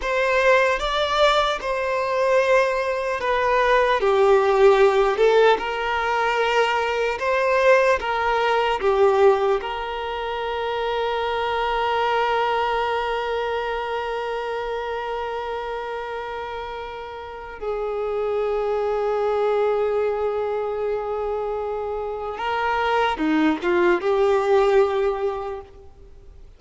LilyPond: \new Staff \with { instrumentName = "violin" } { \time 4/4 \tempo 4 = 75 c''4 d''4 c''2 | b'4 g'4. a'8 ais'4~ | ais'4 c''4 ais'4 g'4 | ais'1~ |
ais'1~ | ais'2 gis'2~ | gis'1 | ais'4 dis'8 f'8 g'2 | }